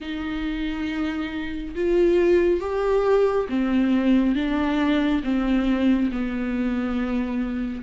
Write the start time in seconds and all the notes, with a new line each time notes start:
0.00 D#4
1.75 F4
2.60 G4
3.49 C4
4.35 D4
5.23 C4
6.11 B3